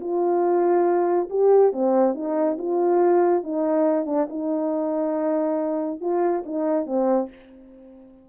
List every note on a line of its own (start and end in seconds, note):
0.00 1.29 F4
1.30 1.73 G4
1.73 2.14 C4
2.14 2.57 D#4
2.58 3.43 F4
3.43 4.06 D#4
4.06 4.27 D4
4.30 6.01 D#4
6.01 6.44 F4
6.46 6.86 D#4
6.86 7.29 C4